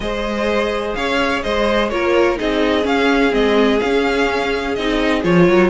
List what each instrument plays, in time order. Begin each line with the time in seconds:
0.00 cello G#3, viola G#4, violin C5 D#5
0.94 cello C#4, violin C#5 F5
1.42 cello G#3, violin C5 D#5
1.89 cello A#3, viola F4, violin A#4 C#5
2.37 cello C4, viola D#4, violin G#4 D#5
2.83 viola C#4, cello C#4, violin F5
3.31 cello G#3, viola C4, violin D#5
3.79 viola C#4, cello C#4, violin F5
4.75 cello C4, viola D#4, violin D#5
5.23 cello F3, viola F4, violin C#5
5.46 cello F#3, violin A#4